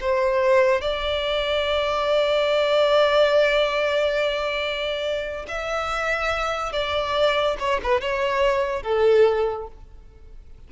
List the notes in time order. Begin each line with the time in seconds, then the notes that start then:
0.00 C5
0.81 D5
5.48 E5
6.72 D5
7.59 C#5
7.83 B4
8.01 C#5
8.83 A4